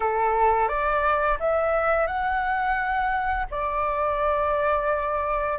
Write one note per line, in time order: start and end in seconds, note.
0.00 0.68 A4
0.68 1.38 D5
1.39 2.06 E5
2.06 3.46 F#5
3.50 5.58 D5